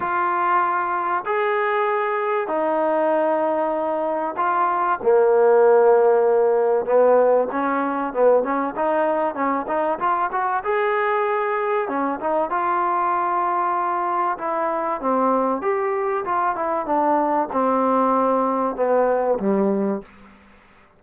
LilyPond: \new Staff \with { instrumentName = "trombone" } { \time 4/4 \tempo 4 = 96 f'2 gis'2 | dis'2. f'4 | ais2. b4 | cis'4 b8 cis'8 dis'4 cis'8 dis'8 |
f'8 fis'8 gis'2 cis'8 dis'8 | f'2. e'4 | c'4 g'4 f'8 e'8 d'4 | c'2 b4 g4 | }